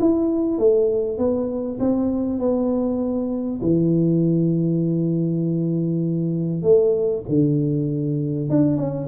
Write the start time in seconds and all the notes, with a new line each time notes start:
0.00 E4
0.58 A3
1.18 B3
1.80 C4
2.39 B3
3.62 E3
6.62 A3
7.29 D3
8.50 D4
8.77 C#4